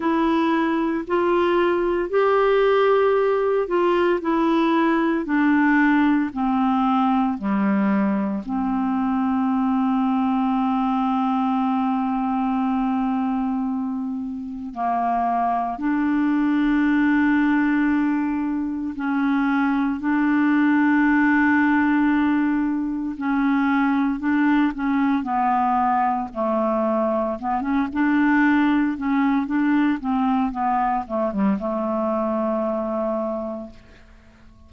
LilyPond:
\new Staff \with { instrumentName = "clarinet" } { \time 4/4 \tempo 4 = 57 e'4 f'4 g'4. f'8 | e'4 d'4 c'4 g4 | c'1~ | c'2 ais4 d'4~ |
d'2 cis'4 d'4~ | d'2 cis'4 d'8 cis'8 | b4 a4 b16 cis'16 d'4 cis'8 | d'8 c'8 b8 a16 g16 a2 | }